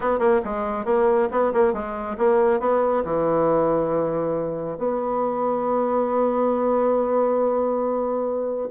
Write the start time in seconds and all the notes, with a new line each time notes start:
0.00 B3
0.19 A#3
0.44 G#3
0.85 A#3
1.31 B3
1.53 A#3
1.73 G#3
2.18 A#3
2.60 B3
3.04 E3
4.78 B3